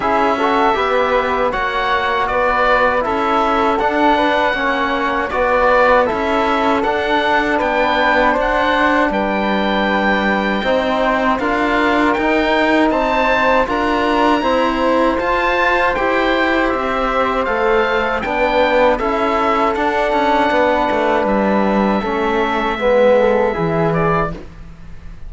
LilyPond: <<
  \new Staff \with { instrumentName = "oboe" } { \time 4/4 \tempo 4 = 79 e''2 fis''4 d''4 | e''4 fis''2 d''4 | e''4 fis''4 g''4 fis''4 | g''2. f''4 |
g''4 a''4 ais''2 | a''4 g''4 e''4 f''4 | g''4 e''4 fis''2 | e''2.~ e''8 d''8 | }
  \new Staff \with { instrumentName = "flute" } { \time 4/4 gis'8 a'8 b'4 cis''4 b'4 | a'4. b'8 cis''4 b'4 | a'2 b'4 c''4 | b'2 c''4 ais'4~ |
ais'4 c''4 ais'4 c''4~ | c''1 | b'4 a'2 b'4~ | b'4 a'4 b'8 a'8 gis'4 | }
  \new Staff \with { instrumentName = "trombone" } { \time 4/4 e'8 fis'8 g'4 fis'2 | e'4 d'4 cis'4 fis'4 | e'4 d'2.~ | d'2 dis'4 f'4 |
dis'2 f'4 c'4 | f'4 g'2 a'4 | d'4 e'4 d'2~ | d'4 cis'4 b4 e'4 | }
  \new Staff \with { instrumentName = "cello" } { \time 4/4 cis'4 b4 ais4 b4 | cis'4 d'4 ais4 b4 | cis'4 d'4 b4 d'4 | g2 c'4 d'4 |
dis'4 c'4 d'4 e'4 | f'4 e'4 c'4 a4 | b4 cis'4 d'8 cis'8 b8 a8 | g4 a4 gis4 e4 | }
>>